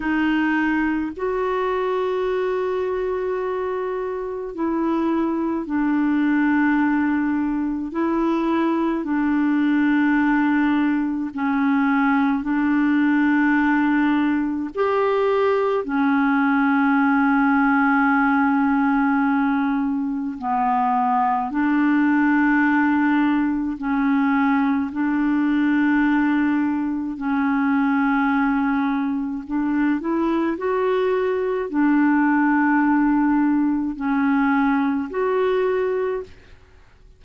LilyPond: \new Staff \with { instrumentName = "clarinet" } { \time 4/4 \tempo 4 = 53 dis'4 fis'2. | e'4 d'2 e'4 | d'2 cis'4 d'4~ | d'4 g'4 cis'2~ |
cis'2 b4 d'4~ | d'4 cis'4 d'2 | cis'2 d'8 e'8 fis'4 | d'2 cis'4 fis'4 | }